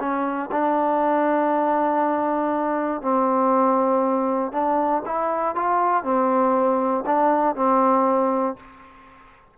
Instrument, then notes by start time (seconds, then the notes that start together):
trombone
0.00 C#4
0.52 D4
3.02 C4
4.53 D4
5.06 E4
5.56 F4
6.04 C4
7.06 D4
7.56 C4